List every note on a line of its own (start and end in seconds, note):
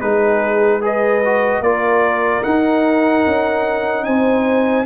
0.00 1.60 G#3
0.00 0.81 D#4
0.00 0.81 G#4
0.00 0.81 B4
0.81 1.21 G#4
0.81 1.62 B4
0.81 1.62 D#5
1.24 1.64 F#4
1.60 2.41 A#3
1.60 2.43 F4
1.60 4.05 A#4
1.60 2.43 D5
2.43 4.85 D#4
2.43 3.26 D#4
2.43 4.04 F#5
3.26 4.07 C#4
4.04 4.85 C4
4.04 4.85 C5
4.04 4.85 G#5